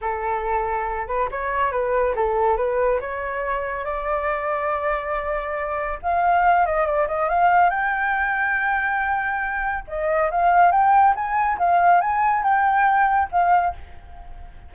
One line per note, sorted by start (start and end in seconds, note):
0.01 1.07 A4
1.07 1.29 B4
1.31 1.71 C#5
1.71 2.14 B4
2.15 2.56 A4
2.56 2.99 B4
3.00 3.84 C#5
3.84 5.99 D5
6.02 6.65 F5
6.65 6.86 D#5
6.86 7.07 D5
7.07 7.28 D#5
7.28 7.70 F5
7.70 9.84 G5
9.87 10.30 D#5
10.31 10.71 F5
10.71 11.14 G5
11.15 11.58 G#5
11.58 12.01 F5
12.01 12.43 G#5
12.43 13.29 G5
13.31 13.74 F5